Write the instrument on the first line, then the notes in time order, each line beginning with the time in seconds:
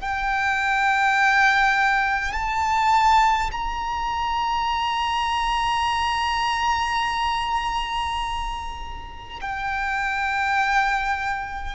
violin
0.00 G5
2.32 A5
3.51 A#5
9.41 G5